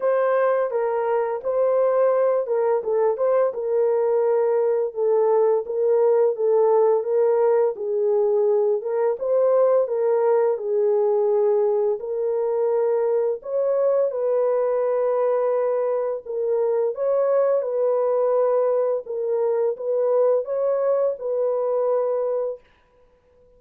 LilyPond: \new Staff \with { instrumentName = "horn" } { \time 4/4 \tempo 4 = 85 c''4 ais'4 c''4. ais'8 | a'8 c''8 ais'2 a'4 | ais'4 a'4 ais'4 gis'4~ | gis'8 ais'8 c''4 ais'4 gis'4~ |
gis'4 ais'2 cis''4 | b'2. ais'4 | cis''4 b'2 ais'4 | b'4 cis''4 b'2 | }